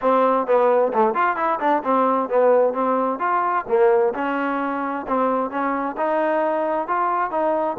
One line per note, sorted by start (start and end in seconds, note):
0.01 0.46 C4
0.46 0.92 B3
0.93 1.14 A3
1.14 1.36 F4
1.36 1.59 E4
1.60 1.83 D4
1.83 2.29 C4
2.29 2.73 B3
2.73 3.19 C4
3.19 3.65 F4
3.67 4.13 A#3
4.14 5.05 C#4
5.07 5.50 C4
5.50 5.96 C#4
5.97 6.87 D#4
6.87 7.31 F4
7.31 7.76 D#4